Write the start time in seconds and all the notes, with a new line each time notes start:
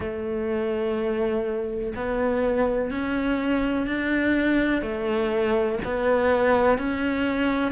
0.00 A3
1.95 B3
2.90 C#4
3.86 D4
4.82 A3
5.84 B3
6.77 C#4